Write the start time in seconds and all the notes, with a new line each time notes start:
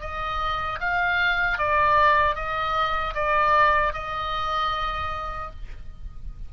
0.00 D#5
0.80 F5
1.58 D5
2.35 D#5
3.14 D5
3.93 D#5